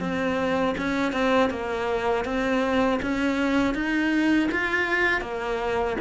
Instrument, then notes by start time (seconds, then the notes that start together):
cello
0.00 C4
0.78 C#4
1.12 C4
1.50 A#3
2.25 C4
3.02 C#4
3.74 D#4
4.52 F4
5.21 A#3